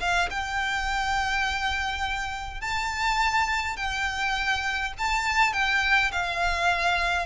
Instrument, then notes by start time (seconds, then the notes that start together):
violin
0.00 F5
0.30 G5
2.61 A5
3.77 G5
4.98 A5
5.53 G5
6.12 F5